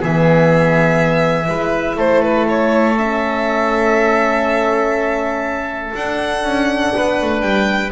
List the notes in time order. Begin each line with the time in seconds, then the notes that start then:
0.00 E3 B3 G#4 E5
1.47 G#3 E4 B4
1.96 A3 A4 C5
2.23 B4
2.49 C#5
2.98 C#4 E5
5.94 D4 F#5
6.44 C#4
6.96 B3 B4
7.21 A3
7.41 G3 G5